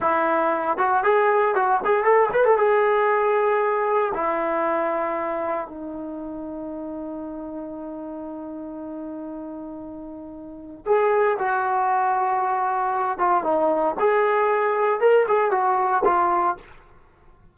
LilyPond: \new Staff \with { instrumentName = "trombone" } { \time 4/4 \tempo 4 = 116 e'4. fis'8 gis'4 fis'8 gis'8 | a'8 b'16 a'16 gis'2. | e'2. dis'4~ | dis'1~ |
dis'1~ | dis'4 gis'4 fis'2~ | fis'4. f'8 dis'4 gis'4~ | gis'4 ais'8 gis'8 fis'4 f'4 | }